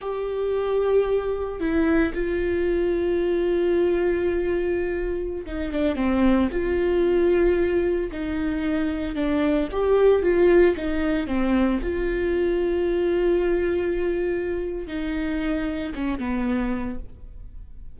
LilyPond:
\new Staff \with { instrumentName = "viola" } { \time 4/4 \tempo 4 = 113 g'2. e'4 | f'1~ | f'2~ f'16 dis'8 d'8 c'8.~ | c'16 f'2. dis'8.~ |
dis'4~ dis'16 d'4 g'4 f'8.~ | f'16 dis'4 c'4 f'4.~ f'16~ | f'1 | dis'2 cis'8 b4. | }